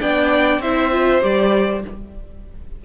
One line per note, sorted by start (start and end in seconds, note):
0.00 0.59 B3
0.00 0.61 D4
0.00 0.61 D5
0.00 0.61 G5
0.59 1.20 C4
0.59 0.91 E4
0.59 1.84 C5
0.59 1.23 E5
0.91 1.21 F4
1.21 1.84 G3
1.21 1.82 G4
1.21 1.85 D5